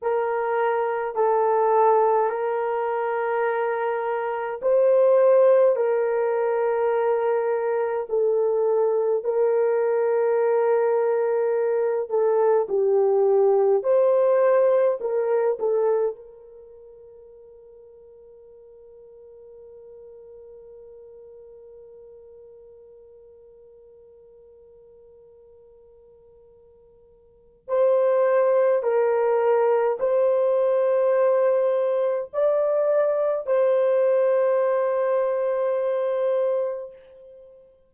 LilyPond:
\new Staff \with { instrumentName = "horn" } { \time 4/4 \tempo 4 = 52 ais'4 a'4 ais'2 | c''4 ais'2 a'4 | ais'2~ ais'8 a'8 g'4 | c''4 ais'8 a'8 ais'2~ |
ais'1~ | ais'1 | c''4 ais'4 c''2 | d''4 c''2. | }